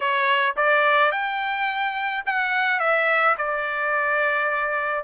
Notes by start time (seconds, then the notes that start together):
0.00 C#5
0.56 D5
1.11 G5
2.26 F#5
2.79 E5
3.37 D5